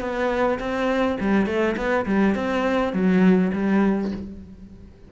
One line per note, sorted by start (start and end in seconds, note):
0.00 0.58 B3
0.59 1.17 C4
1.20 1.46 G3
1.46 1.75 A3
1.76 2.05 B3
2.05 2.34 G3
2.35 2.93 C4
2.93 3.51 F#3
3.53 4.11 G3